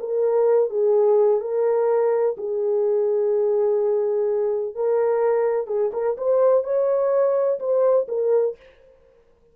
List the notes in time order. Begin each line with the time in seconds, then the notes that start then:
0.00 A#4
0.70 G#4
1.41 A#4
2.37 G#4
4.75 A#4
5.67 G#4
5.93 A#4
6.17 C5
6.64 C#5
7.60 C5
8.08 A#4